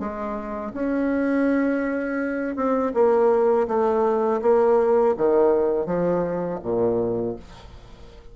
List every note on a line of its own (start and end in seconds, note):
0.00 0.73 G#3
0.74 2.56 C#4
2.56 2.93 C4
2.94 3.68 A#3
3.68 4.41 A3
4.42 5.15 A#3
5.18 5.86 D#3
5.86 6.60 F3
6.63 7.36 A#2